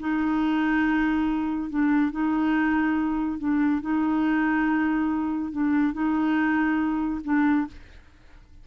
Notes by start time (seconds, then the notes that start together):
0.00 D#4
1.70 D4
2.12 D#4
3.39 D4
3.82 D#4
5.52 D4
5.93 D#4
7.25 D4